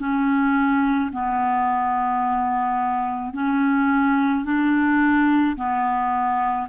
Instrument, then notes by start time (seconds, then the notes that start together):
clarinet
0.00 C#4
1.13 B3
3.34 C#4
4.45 D4
5.57 B3